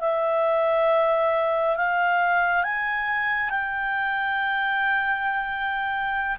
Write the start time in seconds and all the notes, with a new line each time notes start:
0.00 E5
1.76 F5
2.64 G#5
3.50 G5